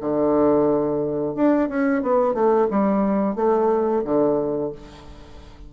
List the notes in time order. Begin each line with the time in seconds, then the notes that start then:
0.00 D3
1.35 D4
1.68 C#4
2.02 B3
2.34 A3
2.70 G3
3.35 A3
4.04 D3